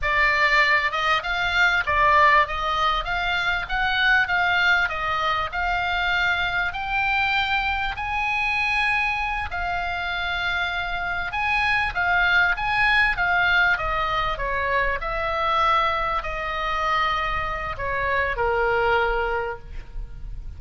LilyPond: \new Staff \with { instrumentName = "oboe" } { \time 4/4 \tempo 4 = 98 d''4. dis''8 f''4 d''4 | dis''4 f''4 fis''4 f''4 | dis''4 f''2 g''4~ | g''4 gis''2~ gis''8 f''8~ |
f''2~ f''8 gis''4 f''8~ | f''8 gis''4 f''4 dis''4 cis''8~ | cis''8 e''2 dis''4.~ | dis''4 cis''4 ais'2 | }